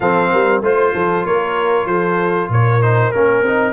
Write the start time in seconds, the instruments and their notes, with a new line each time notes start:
0.00 tuba F3, trombone C4, horn A4, trumpet F5
0.31 tuba G3, horn A#4
0.62 tuba A3, trombone F4, horn C5, trumpet C5
0.94 tuba F3, horn A4
1.25 tuba A#3, horn A#4, trumpet C#5
1.85 tuba F3, horn A4, trumpet C5
2.48 tuba A#2, horn A#4, trumpet C#5
2.82 trombone D#4, trumpet C5
3.11 tuba A#3, trombone C#4, trumpet A#4
3.42 tuba C4, trombone D#4